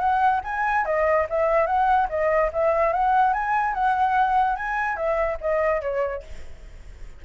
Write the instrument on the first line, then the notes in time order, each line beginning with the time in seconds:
flute
0.00 F#5
0.44 G#5
0.86 D#5
1.30 E5
1.67 F#5
2.10 D#5
2.53 E5
2.93 F#5
3.33 G#5
3.74 F#5
4.56 G#5
4.97 E5
5.41 D#5
5.82 C#5